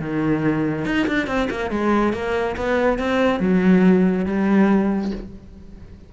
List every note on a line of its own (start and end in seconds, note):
0.00 0.86 D#3
0.86 1.07 D#4
1.08 1.27 D4
1.27 1.49 C4
1.50 1.71 A#3
1.71 2.13 G#3
2.13 2.56 A#3
2.57 2.99 B3
2.99 3.40 C4
3.40 4.26 F#3
4.26 5.12 G3